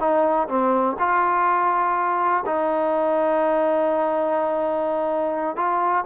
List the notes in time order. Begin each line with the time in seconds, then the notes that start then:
0.00 D#4
0.49 C4
0.99 F4
2.46 D#4
5.56 F4